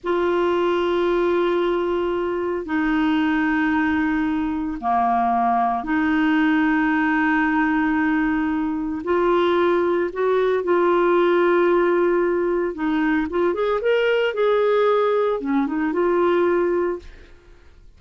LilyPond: \new Staff \with { instrumentName = "clarinet" } { \time 4/4 \tempo 4 = 113 f'1~ | f'4 dis'2.~ | dis'4 ais2 dis'4~ | dis'1~ |
dis'4 f'2 fis'4 | f'1 | dis'4 f'8 gis'8 ais'4 gis'4~ | gis'4 cis'8 dis'8 f'2 | }